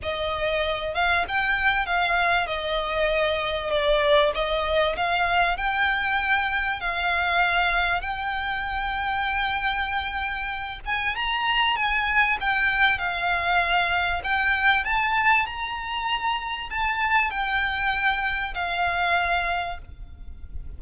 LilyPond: \new Staff \with { instrumentName = "violin" } { \time 4/4 \tempo 4 = 97 dis''4. f''8 g''4 f''4 | dis''2 d''4 dis''4 | f''4 g''2 f''4~ | f''4 g''2.~ |
g''4. gis''8 ais''4 gis''4 | g''4 f''2 g''4 | a''4 ais''2 a''4 | g''2 f''2 | }